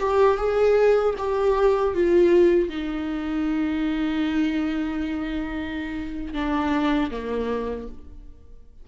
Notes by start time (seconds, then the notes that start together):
0.00 G4
0.38 G#4
1.19 G4
1.95 F4
2.70 D#4
6.34 D4
7.12 A#3